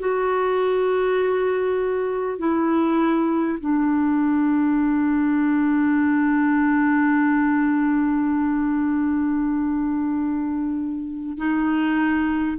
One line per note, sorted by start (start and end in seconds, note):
0.00 2.39 F#4
2.39 3.59 E4
3.61 11.38 D4
11.38 12.58 D#4